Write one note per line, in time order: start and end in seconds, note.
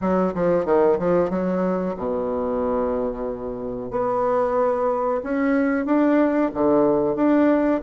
0.01 0.33 F#3
0.34 0.65 F3
0.65 0.98 D#3
0.98 1.30 F3
1.30 1.95 F#3
1.97 3.90 B2
3.90 5.21 B3
5.23 5.85 C#4
5.85 6.50 D4
6.54 7.15 D3
7.15 7.80 D4